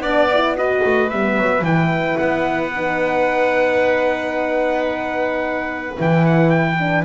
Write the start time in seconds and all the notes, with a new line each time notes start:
0.00 B3 D4 D5
0.34 E4
0.57 F#4 B4 D#5
0.85 A3
1.10 G3 B3 E5
1.38 F#3
1.62 E3 E4 G5
2.18 B3 F#5
2.75 D#4
5.96 E3 E4 G5
6.26 F#5
6.50 G5
6.80 D4